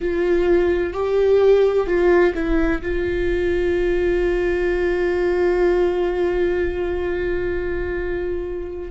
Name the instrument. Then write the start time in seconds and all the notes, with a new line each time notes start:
viola
0.00 F4
0.93 G4
1.86 F4
2.34 E4
2.82 F4